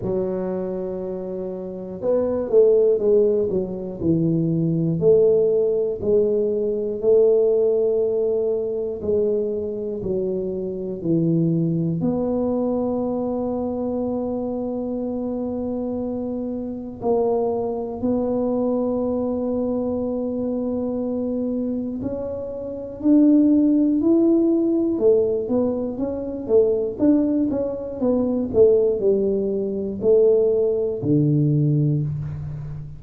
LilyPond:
\new Staff \with { instrumentName = "tuba" } { \time 4/4 \tempo 4 = 60 fis2 b8 a8 gis8 fis8 | e4 a4 gis4 a4~ | a4 gis4 fis4 e4 | b1~ |
b4 ais4 b2~ | b2 cis'4 d'4 | e'4 a8 b8 cis'8 a8 d'8 cis'8 | b8 a8 g4 a4 d4 | }